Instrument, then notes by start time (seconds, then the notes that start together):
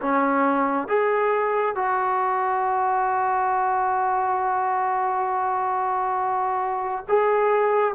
trombone
0.01 C#4
0.88 G#4
1.75 F#4
7.08 G#4